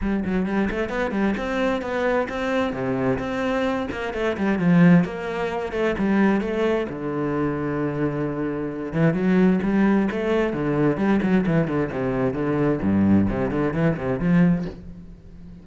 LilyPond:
\new Staff \with { instrumentName = "cello" } { \time 4/4 \tempo 4 = 131 g8 fis8 g8 a8 b8 g8 c'4 | b4 c'4 c4 c'4~ | c'8 ais8 a8 g8 f4 ais4~ | ais8 a8 g4 a4 d4~ |
d2.~ d8 e8 | fis4 g4 a4 d4 | g8 fis8 e8 d8 c4 d4 | g,4 c8 d8 e8 c8 f4 | }